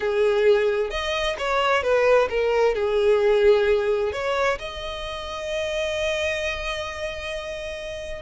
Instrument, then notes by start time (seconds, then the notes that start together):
violin
0.00 G#4
0.90 D#5
1.38 C#5
1.82 B4
2.29 A#4
2.75 G#4
4.12 C#5
4.59 D#5